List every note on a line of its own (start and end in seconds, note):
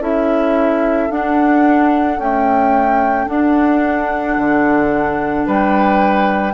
0.00 1.09 C#4
0.00 1.10 E4
0.00 5.47 A4
0.00 1.11 E5
1.10 2.20 D4
1.10 2.18 D4
1.10 2.20 F#5
2.18 3.26 A3
2.18 3.27 C#4
2.18 3.29 G5
3.26 6.53 D4
3.26 4.37 D4
3.26 5.47 F#5
4.37 5.47 D3
5.47 6.54 G3
5.47 6.54 B4
5.47 6.54 G5